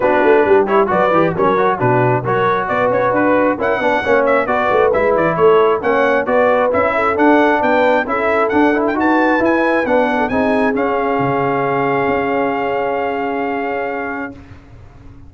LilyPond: <<
  \new Staff \with { instrumentName = "trumpet" } { \time 4/4 \tempo 4 = 134 b'4. cis''8 d''4 cis''4 | b'4 cis''4 d''8 cis''8 b'4 | fis''4. e''8 d''4 e''8 d''8 | cis''4 fis''4 d''4 e''4 |
fis''4 g''4 e''4 fis''8. g''16 | a''4 gis''4 fis''4 gis''4 | f''1~ | f''1 | }
  \new Staff \with { instrumentName = "horn" } { \time 4/4 fis'4 g'4 b'4 ais'4 | fis'4 ais'4 b'2 | ais'8 b'8 cis''4 b'2 | a'4 cis''4 b'4. a'8~ |
a'4 b'4 a'2 | b'2~ b'8. a'16 gis'4~ | gis'1~ | gis'1 | }
  \new Staff \with { instrumentName = "trombone" } { \time 4/4 d'4. e'8 fis'8 g'8 cis'8 fis'8 | d'4 fis'2. | e'8 d'8 cis'4 fis'4 e'4~ | e'4 cis'4 fis'4 e'4 |
d'2 e'4 d'8 e'8 | fis'4 e'4 d'4 dis'4 | cis'1~ | cis'1 | }
  \new Staff \with { instrumentName = "tuba" } { \time 4/4 b8 a8 g4 fis8 e8 fis4 | b,4 fis4 b8 cis'8 d'4 | cis'8 b8 ais4 b8 a8 gis8 e8 | a4 ais4 b4 cis'4 |
d'4 b4 cis'4 d'4 | dis'4 e'4 b4 c'4 | cis'4 cis2 cis'4~ | cis'1 | }
>>